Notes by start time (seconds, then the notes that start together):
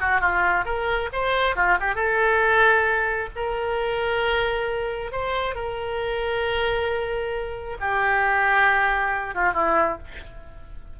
0.00 F#4
0.20 F4
0.64 A#4
1.12 C5
1.55 F4
1.80 G4
1.94 A4
3.36 A#4
5.11 C5
5.54 A#4
7.80 G4
9.34 F4
9.53 E4